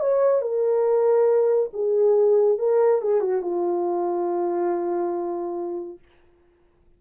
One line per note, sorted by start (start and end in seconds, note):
0.00 0.41 C#5
0.41 1.70 A#4
1.73 2.59 G#4
2.59 3.01 A#4
3.02 3.21 G#4
3.21 3.41 F#4
3.41 5.99 F4